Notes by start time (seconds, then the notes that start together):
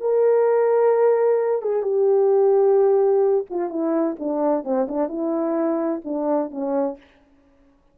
0.00 A#4
1.62 G#4
1.82 G4
3.49 F4
3.69 E4
4.19 D4
4.64 C4
4.88 D4
5.08 E4
6.04 D4
6.50 C#4